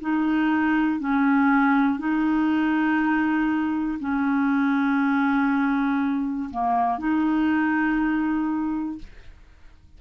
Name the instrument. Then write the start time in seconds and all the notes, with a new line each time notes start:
clarinet
0.00 D#4
1.00 C#4
1.98 D#4
3.99 C#4
6.50 A#3
6.98 D#4